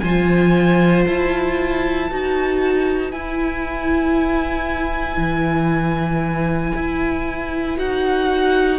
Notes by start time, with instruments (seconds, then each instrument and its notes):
0.00 cello F3, violin C5 G#5
0.06 viola F4
1.06 cello E4, violin A5
2.07 cello D#4, viola F#4, violin B4
3.12 cello E4, viola E4, violin G#5
5.17 cello E3
6.75 cello E4
7.78 cello D#4, viola F#4, violin F#5